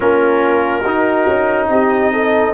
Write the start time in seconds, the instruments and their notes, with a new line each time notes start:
0.00 tuba A#3, trombone C#4, horn F4, trumpet A#4
0.81 tuba D#4, trombone D#4, horn F#4
1.27 tuba C#4
1.68 tuba C4, horn G4, trumpet D#5
2.12 horn A4